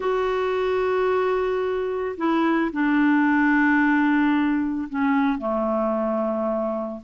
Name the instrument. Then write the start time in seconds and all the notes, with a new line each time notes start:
clarinet
0.00 F#4
2.17 E4
2.72 D4
4.89 C#4
5.38 A3